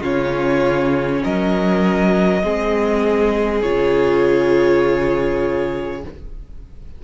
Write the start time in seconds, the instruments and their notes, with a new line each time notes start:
0.00 cello C#3, viola C#4, violin F4 C#5
1.23 cello F#3, violin A#4 D#5
2.43 cello G#3, viola C4, violin G#4
3.62 cello C#3, viola F4, violin C#5